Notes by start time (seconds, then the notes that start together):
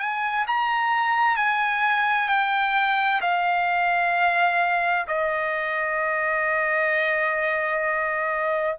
0.00 G#5
0.48 A#5
1.37 G#5
2.29 G5
3.22 F5
5.08 D#5